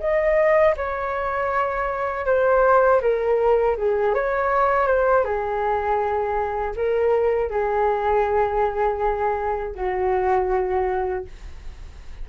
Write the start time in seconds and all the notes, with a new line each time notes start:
0.00 D#5
0.77 C#5
2.26 C5
3.01 A#4
3.77 G#4
4.14 C#5
4.87 C5
5.25 G#4
6.76 A#4
7.50 G#4
9.75 F#4